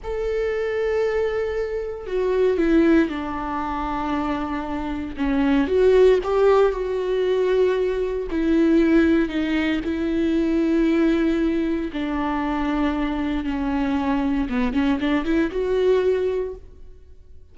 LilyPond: \new Staff \with { instrumentName = "viola" } { \time 4/4 \tempo 4 = 116 a'1 | fis'4 e'4 d'2~ | d'2 cis'4 fis'4 | g'4 fis'2. |
e'2 dis'4 e'4~ | e'2. d'4~ | d'2 cis'2 | b8 cis'8 d'8 e'8 fis'2 | }